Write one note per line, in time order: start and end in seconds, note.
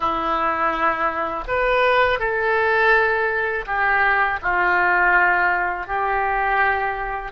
0.00 1.44 E4
1.47 2.19 B4
2.19 3.65 A4
3.66 4.39 G4
4.41 5.86 F4
5.86 7.32 G4